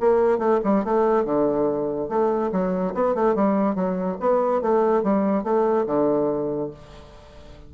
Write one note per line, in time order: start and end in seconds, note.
0.00 0.38 A#3
0.38 0.59 A3
0.64 0.84 G3
0.84 1.25 A3
1.25 2.09 D3
2.09 2.51 A3
2.52 2.94 F#3
2.94 3.14 B3
3.14 3.35 A3
3.35 3.75 G3
3.75 4.17 F#3
4.20 4.61 B3
4.61 5.03 A3
5.03 5.44 G3
5.44 5.86 A3
5.86 6.70 D3